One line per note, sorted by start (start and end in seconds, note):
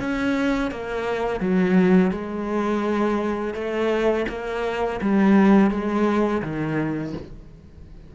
0.00 0.71 C#4
0.71 1.41 A#3
1.41 2.11 F#3
2.11 3.54 G#3
3.55 4.26 A3
4.29 5.00 A#3
5.02 5.70 G3
5.70 6.42 G#3
6.42 7.14 D#3